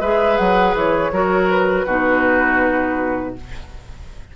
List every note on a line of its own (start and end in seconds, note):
0.00 0.38 G#3
0.00 1.12 G#4
0.00 1.11 B4
0.00 0.37 E5
0.37 0.74 F#3
0.37 0.74 F#5
0.74 1.11 E3
0.74 1.50 C#5
1.11 1.85 F#3
1.11 1.86 F#4
1.11 1.85 A#4
1.50 3.35 B4
1.85 3.34 B2
1.85 3.35 D#4
1.85 3.33 F#4